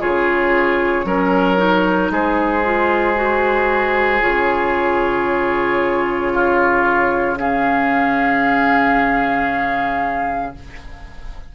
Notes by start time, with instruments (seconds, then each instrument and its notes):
0.00 bassoon C#3, clarinet F4, oboe G#4, flute C#5
1.05 bassoon F#3, clarinet C#4, oboe A#4
1.57 clarinet D#4
2.11 bassoon G#3, oboe G#4, flute C5
2.64 clarinet F4
3.16 clarinet F#4
4.21 bassoon C#3, clarinet F4, flute C#5
6.33 oboe F4
7.39 clarinet C#4, oboe G#4, flute F5